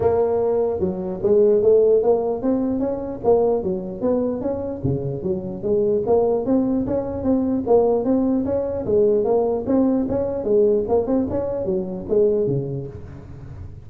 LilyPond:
\new Staff \with { instrumentName = "tuba" } { \time 4/4 \tempo 4 = 149 ais2 fis4 gis4 | a4 ais4 c'4 cis'4 | ais4 fis4 b4 cis'4 | cis4 fis4 gis4 ais4 |
c'4 cis'4 c'4 ais4 | c'4 cis'4 gis4 ais4 | c'4 cis'4 gis4 ais8 c'8 | cis'4 fis4 gis4 cis4 | }